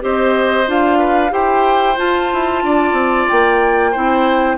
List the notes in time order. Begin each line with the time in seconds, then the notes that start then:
0.00 C4 G4 C5 D#5
0.66 D4 F4 F5
0.98 B4
1.29 E4 G4 C5 G5
1.96 F4 A5
2.33 E4
2.63 D4 D5
2.92 C4
3.28 A#3 G5
3.91 C4 E4 C5